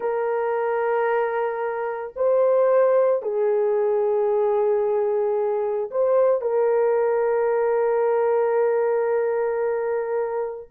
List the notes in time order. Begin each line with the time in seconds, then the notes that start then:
0.00 A#4
2.16 C5
3.22 G#4
5.91 C5
6.41 A#4